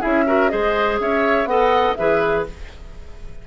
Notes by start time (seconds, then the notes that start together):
0.00 C#4 E4 G#4 E5
0.26 F#4 A#4
0.49 G#3 G#4 C5 D#5
1.00 C#4 C#5 E5
1.45 B3 A4 D#5 F#5
1.95 E3 G#4 B4 E5